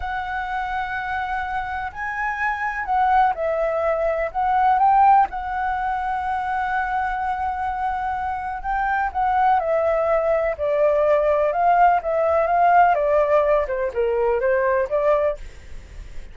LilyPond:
\new Staff \with { instrumentName = "flute" } { \time 4/4 \tempo 4 = 125 fis''1 | gis''2 fis''4 e''4~ | e''4 fis''4 g''4 fis''4~ | fis''1~ |
fis''2 g''4 fis''4 | e''2 d''2 | f''4 e''4 f''4 d''4~ | d''8 c''8 ais'4 c''4 d''4 | }